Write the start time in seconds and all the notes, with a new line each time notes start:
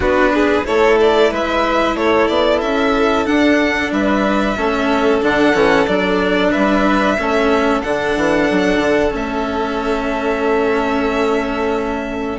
0.00 B3 D4 F#4 B4
0.34 G#4
0.64 A3 E4 A4 C#5
1.00 D5
1.30 G#3 B4 E5
1.95 A3 A4 C#5
2.27 B3 D5
2.61 C#4 E5
3.25 D4 F#5
3.91 G3 B4 E5
4.57 A3 C#4 A4
5.22 D3 D4 F#5
5.53 E3 C#4
5.87 F#3 D4 D5
6.51 G3 B4 E5
7.18 A3 C#4 A4
7.81 D3 D4 F#5
8.16 E3
8.50 F#3
8.78 D3
9.11 A3 C#4 E5